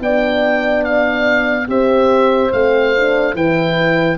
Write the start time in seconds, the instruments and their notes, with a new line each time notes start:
0.00 tuba B3, horn D4 D5, oboe G5
0.84 oboe F5
1.68 tuba C4, horn G4 C5, oboe E5
2.52 tuba A3, horn C4, oboe F5
2.96 horn D4
3.34 tuba E3, horn E4 B4, oboe G5